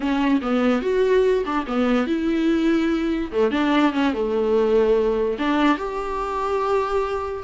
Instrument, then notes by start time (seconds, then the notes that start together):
viola
0.00 C#4
0.41 B3
0.81 F#4
1.45 D4
1.66 B3
2.07 E4
3.31 A3
3.51 D4
3.93 C#4
4.13 A3
5.38 D4
5.77 G4